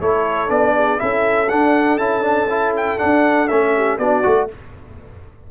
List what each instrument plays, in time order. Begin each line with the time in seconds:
0.00 tuba A3, trombone E4, horn A4, trumpet C#5
0.48 tuba B3, trombone D4, trumpet D5
0.75 horn G#4
0.98 tuba C#4, trombone E4, horn A4, trumpet E5
1.49 trombone D4, tuba D4, trumpet F#5
1.98 tuba C#4, trombone E4, trumpet A5
2.22 trombone D4
2.50 trombone E4
2.77 trumpet G5
2.99 trombone D4, tuba D4, trumpet F#5
3.48 tuba A3, trombone C#4, trumpet E5
3.76 horn G4
3.99 tuba B3, trombone D4, horn F#4, trumpet D5
4.24 tuba A3, trombone F#4